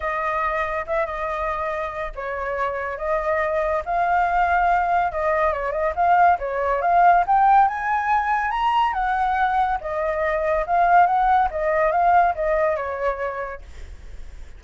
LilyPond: \new Staff \with { instrumentName = "flute" } { \time 4/4 \tempo 4 = 141 dis''2 e''8 dis''4.~ | dis''4 cis''2 dis''4~ | dis''4 f''2. | dis''4 cis''8 dis''8 f''4 cis''4 |
f''4 g''4 gis''2 | ais''4 fis''2 dis''4~ | dis''4 f''4 fis''4 dis''4 | f''4 dis''4 cis''2 | }